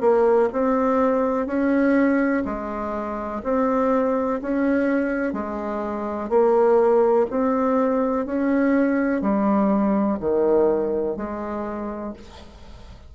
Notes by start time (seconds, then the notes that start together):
0.00 A#3
0.52 C4
1.46 C#4
2.45 G#3
3.43 C4
4.41 C#4
5.33 G#3
6.29 A#3
7.30 C4
8.26 C#4
9.21 G3
10.19 D#3
11.16 G#3